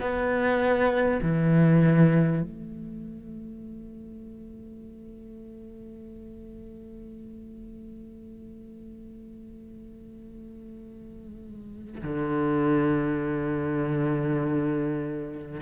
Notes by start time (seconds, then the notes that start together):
0.00 B3
1.22 E3
2.42 A3
12.02 D3